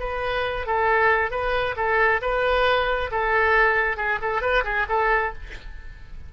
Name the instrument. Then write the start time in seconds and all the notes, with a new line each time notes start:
oboe
0.00 B4
0.67 A4
1.31 B4
1.77 A4
2.22 B4
3.12 A4
3.97 G#4
4.22 A4
4.42 B4
4.65 G#4
4.89 A4